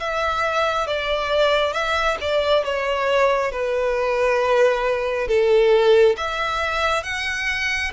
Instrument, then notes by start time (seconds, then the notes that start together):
violin
0.00 E5
0.87 D5
1.74 E5
2.21 D5
2.65 C#5
3.52 B4
5.28 A4
6.17 E5
7.04 F#5